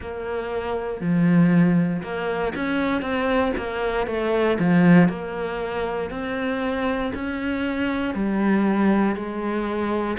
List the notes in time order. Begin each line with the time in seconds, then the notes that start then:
0.00 A#3
1.00 F3
2.02 A#3
2.55 C#4
3.01 C4
3.57 A#3
4.07 A3
4.59 F3
5.08 A#3
6.10 C4
7.14 C#4
8.14 G3
9.15 G#3